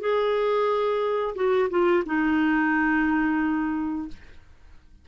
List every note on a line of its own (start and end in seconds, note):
0.00 1.35 G#4
1.35 1.69 F#4
1.70 2.04 F4
2.06 4.08 D#4